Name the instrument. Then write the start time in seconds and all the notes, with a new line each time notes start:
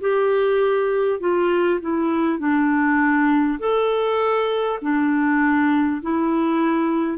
clarinet
0.00 G4
1.19 F4
1.81 E4
2.38 D4
3.59 A4
4.81 D4
6.02 E4